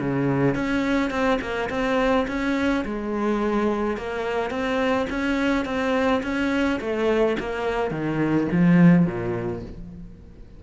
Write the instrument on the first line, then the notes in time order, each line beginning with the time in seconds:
cello
0.00 C#3
0.55 C#4
1.11 C4
1.42 A#3
1.70 C4
2.28 C#4
2.86 G#3
3.98 A#3
4.51 C4
5.10 C#4
5.66 C4
6.23 C#4
6.81 A3
7.40 A#3
7.91 D#3
8.52 F3
9.06 A#2